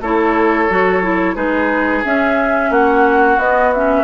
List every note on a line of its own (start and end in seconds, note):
0.00 0.67 A3
0.00 0.69 E4
0.00 1.35 A4
0.00 1.35 C#5
0.69 1.36 F#3
0.69 1.02 F#4
1.02 1.35 E4
1.35 2.03 G#3
1.35 2.03 D#4
1.35 2.70 G#4
1.35 2.03 B4
2.04 3.39 C#4
2.04 2.70 C#4
2.04 2.71 E5
2.70 3.37 A#3
2.70 4.04 F#4
2.70 3.39 F#5
3.37 4.04 B3
3.37 3.73 B3
3.37 3.72 D#5
3.73 4.04 C#4
3.73 4.04 E5